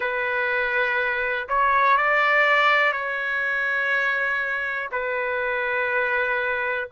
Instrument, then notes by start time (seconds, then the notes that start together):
trumpet
0.00 B4
1.48 C#5
1.97 D5
2.92 C#5
4.91 B4